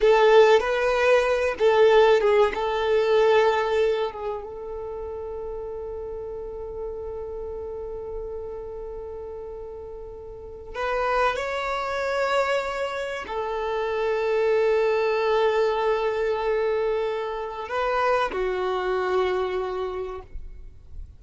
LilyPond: \new Staff \with { instrumentName = "violin" } { \time 4/4 \tempo 4 = 95 a'4 b'4. a'4 gis'8 | a'2~ a'8 gis'8 a'4~ | a'1~ | a'1~ |
a'4 b'4 cis''2~ | cis''4 a'2.~ | a'1 | b'4 fis'2. | }